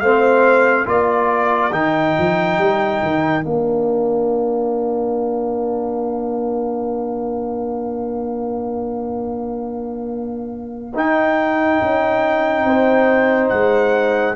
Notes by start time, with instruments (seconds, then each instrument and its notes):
0.00 tuba A3, trombone C4, horn C5, trumpet F5
0.85 tuba A#3, trombone F4, horn A#4, trumpet D5
1.71 tuba D#3, trombone D#4, trumpet G5
2.18 tuba F3
2.58 tuba G3
3.02 tuba D#3
3.43 tuba A#3, trombone D4, trumpet F5
10.94 trombone D#4, tuba D#4, trumpet G5
11.81 tuba C#4
12.64 tuba C4, horn C5
13.49 tuba G#3, trumpet F#5